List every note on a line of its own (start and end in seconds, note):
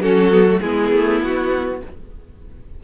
0.00 0.60 F#3
0.00 0.32 C#4
0.00 0.62 F#4
0.00 0.61 A4
0.32 0.47 B3
0.48 0.63 A3
0.61 0.92 G#3
0.61 1.84 B3
0.61 1.82 E4
0.61 1.21 G#4
0.92 1.22 A3
1.22 1.82 B3
1.22 1.84 F#4